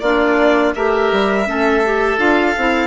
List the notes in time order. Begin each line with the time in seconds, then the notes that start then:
0.00 A#3 D4 F4 D5
0.75 A3 G4 A#4 E5
1.12 G3
1.46 A3 C#4 A4
1.85 G4
2.18 D4 F4 F5
2.57 C4 E4